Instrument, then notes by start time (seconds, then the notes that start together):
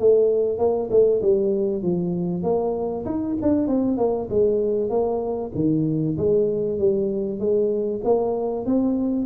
tuba
0.00 A3
0.59 A#3
0.91 A3
1.22 G3
1.83 F3
2.43 A#3
3.06 D#4
3.42 D4
3.68 C4
3.98 A#3
4.30 G#3
4.90 A#3
5.55 D#3
6.18 G#3
6.79 G3
7.40 G#3
8.04 A#3
8.66 C4